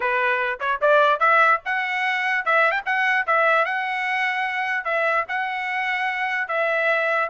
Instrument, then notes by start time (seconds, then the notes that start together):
trumpet
0.00 B4
0.60 C#5
0.81 D5
1.19 E5
1.65 F#5
2.45 E5
2.71 G5
2.85 F#5
3.26 E5
3.65 F#5
4.84 E5
5.28 F#5
6.48 E5